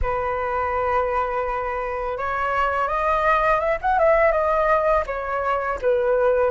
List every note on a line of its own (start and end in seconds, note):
0.02 2.17 B4
2.17 2.88 C#5
2.88 3.59 D#5
3.59 3.78 E5
3.81 3.98 F#5
3.98 4.31 E5
4.31 5.04 D#5
5.06 5.78 C#5
5.81 6.50 B4